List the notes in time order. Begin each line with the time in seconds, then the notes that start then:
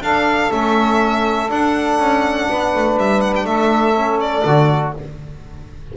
0.00 D4 A4 F5
0.50 A3 C#4 E5
1.49 D4 F#5
1.99 C#4
2.49 B3 B4
2.75 A3
2.97 G3 E5
3.21 F#5
3.36 G5
3.44 A3 A4 E5
3.95 C#4
4.20 D5
4.45 D3 F#4